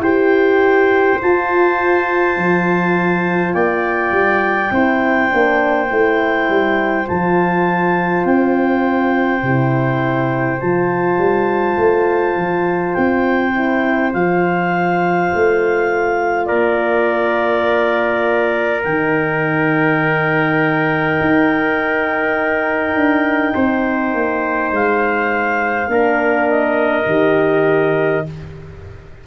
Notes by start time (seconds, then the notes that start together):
0.00 E4 G4 C5 G5
1.21 F4 A5
2.37 F3
3.54 A#3 D5 G5
4.12 G3
4.71 C4 E4 C5
5.30 A#3 D4
5.91 A3 E4
6.50 G3
7.07 F3 F4 A5
8.25 C4 G5
9.43 C3 E4
10.61 F3 F4 A5
11.18 G3
11.78 A3
12.37 F3
12.94 C4 G5
13.55 E4
14.13 F3 F4 F5
15.35 A3
16.46 A#3 A#4 D5
18.84 D#3 D#4 G5
21.21 D#4
22.95 D4
23.55 C4 C5
24.14 A#3
24.72 G#3 F5
25.88 A#3 D4 A#4
26.50 D#5
27.06 D#3 G4